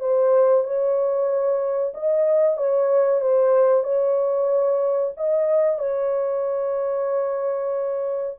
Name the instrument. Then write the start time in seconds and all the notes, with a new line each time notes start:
horn
0.00 C5
0.64 C#5
1.94 D#5
2.57 C#5
3.21 C5
3.84 C#5
5.17 D#5
5.79 C#5